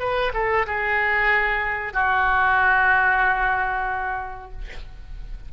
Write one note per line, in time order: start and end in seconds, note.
0.00 0.32 B4
0.34 0.66 A4
0.67 1.94 G#4
1.94 4.52 F#4